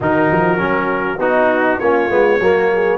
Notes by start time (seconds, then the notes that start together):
0.00 D#3 D#4 F#4 A#4
0.31 F3
0.58 F#3 C#4
1.18 B3 D#4 F#4
1.78 A#3 C#4 F4 C#5
2.10 G#3 B3
2.39 F#3 A#3 F#4
2.73 G#4